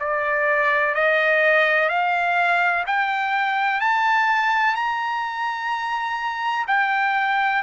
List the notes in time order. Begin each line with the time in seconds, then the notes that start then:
0.00 D5
0.95 D#5
1.89 F5
2.87 G5
3.81 A5
4.75 A#5
6.68 G5